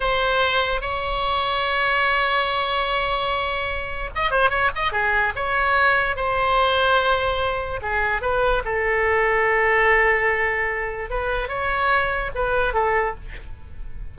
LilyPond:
\new Staff \with { instrumentName = "oboe" } { \time 4/4 \tempo 4 = 146 c''2 cis''2~ | cis''1~ | cis''2 dis''8 c''8 cis''8 dis''8 | gis'4 cis''2 c''4~ |
c''2. gis'4 | b'4 a'2.~ | a'2. b'4 | cis''2 b'4 a'4 | }